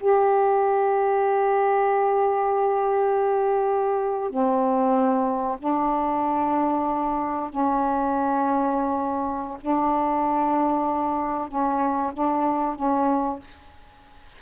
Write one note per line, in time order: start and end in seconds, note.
0.00 4.31 G4
4.31 5.59 C4
5.59 7.50 D4
7.50 9.58 C#4
9.62 11.49 D4
11.49 12.13 C#4
12.13 12.76 D4
12.76 13.40 C#4